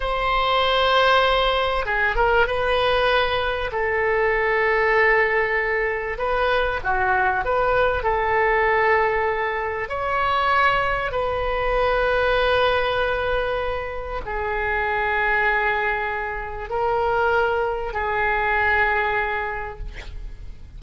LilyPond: \new Staff \with { instrumentName = "oboe" } { \time 4/4 \tempo 4 = 97 c''2. gis'8 ais'8 | b'2 a'2~ | a'2 b'4 fis'4 | b'4 a'2. |
cis''2 b'2~ | b'2. gis'4~ | gis'2. ais'4~ | ais'4 gis'2. | }